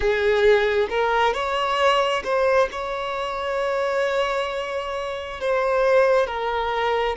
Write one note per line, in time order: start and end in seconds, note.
0.00 0.87 G#4
0.90 1.33 A#4
1.33 2.23 C#5
2.23 2.68 C5
2.71 5.40 C#5
5.40 6.26 C5
6.26 7.16 A#4